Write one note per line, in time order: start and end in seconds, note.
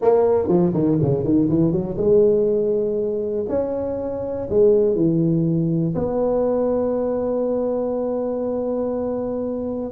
0.01 0.48 A#3
0.48 0.73 F3
0.73 0.98 D#3
1.02 1.24 C#3
1.24 1.49 D#3
1.49 1.72 E3
1.72 1.97 F#3
1.97 3.46 G#3
3.48 4.48 C#4
4.50 4.95 G#3
4.95 5.94 E3
5.95 9.91 B3